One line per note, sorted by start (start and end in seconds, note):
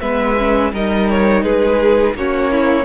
0.00 0.72 G#3
0.00 0.36 B3
0.00 0.72 B4
0.00 0.71 E5
0.37 0.73 C#4
0.72 1.42 G3
0.72 2.17 D#4
0.72 1.44 A#4
0.72 1.09 D#5
1.09 1.43 C#5
1.42 2.14 G#3
1.42 2.15 G#4
1.42 2.15 B4
2.14 2.85 A#3
2.14 2.85 C#4
2.14 2.51 F#4
2.14 2.85 C#5
2.51 2.85 E4